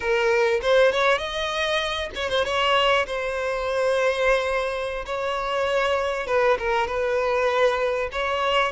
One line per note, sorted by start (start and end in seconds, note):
0.00 0.60 A#4
0.62 0.92 C5
0.92 1.18 C#5
1.18 2.10 D#5
2.15 2.29 C#5
2.29 2.44 C5
2.44 3.06 C#5
3.06 5.05 C5
5.05 6.26 C#5
6.26 6.57 B4
6.58 6.87 A#4
6.87 8.09 B4
8.12 8.72 C#5